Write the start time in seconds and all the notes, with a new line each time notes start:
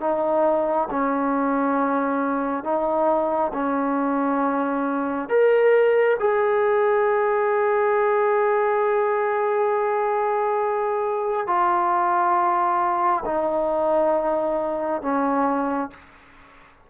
0.00 D#4
0.90 C#4
2.64 D#4
3.53 C#4
5.29 A#4
6.19 G#4
11.47 F4
13.25 D#4
15.02 C#4